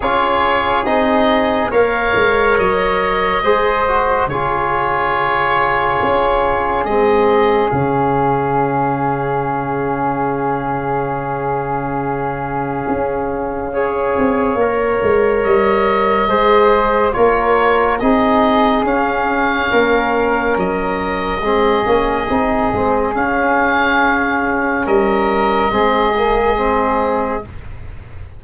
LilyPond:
<<
  \new Staff \with { instrumentName = "oboe" } { \time 4/4 \tempo 4 = 70 cis''4 dis''4 f''4 dis''4~ | dis''4 cis''2. | dis''4 f''2.~ | f''1~ |
f''2 dis''2 | cis''4 dis''4 f''2 | dis''2. f''4~ | f''4 dis''2. | }
  \new Staff \with { instrumentName = "flute" } { \time 4/4 gis'2 cis''2 | c''4 gis'2.~ | gis'1~ | gis'1 |
cis''2. c''4 | ais'4 gis'2 ais'4~ | ais'4 gis'2.~ | gis'4 ais'4 gis'2 | }
  \new Staff \with { instrumentName = "trombone" } { \time 4/4 f'4 dis'4 ais'2 | gis'8 fis'8 f'2. | c'4 cis'2.~ | cis'1 |
gis'4 ais'2 gis'4 | f'4 dis'4 cis'2~ | cis'4 c'8 cis'8 dis'8 c'8 cis'4~ | cis'2 c'8 ais8 c'4 | }
  \new Staff \with { instrumentName = "tuba" } { \time 4/4 cis'4 c'4 ais8 gis8 fis4 | gis4 cis2 cis'4 | gis4 cis2.~ | cis2. cis'4~ |
cis'8 c'8 ais8 gis8 g4 gis4 | ais4 c'4 cis'4 ais4 | fis4 gis8 ais8 c'8 gis8 cis'4~ | cis'4 g4 gis2 | }
>>